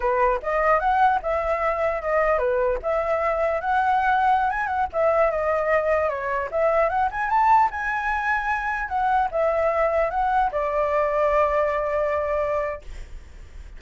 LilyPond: \new Staff \with { instrumentName = "flute" } { \time 4/4 \tempo 4 = 150 b'4 dis''4 fis''4 e''4~ | e''4 dis''4 b'4 e''4~ | e''4 fis''2~ fis''16 gis''8 fis''16~ | fis''16 e''4 dis''2 cis''8.~ |
cis''16 e''4 fis''8 gis''8 a''4 gis''8.~ | gis''2~ gis''16 fis''4 e''8.~ | e''4~ e''16 fis''4 d''4.~ d''16~ | d''1 | }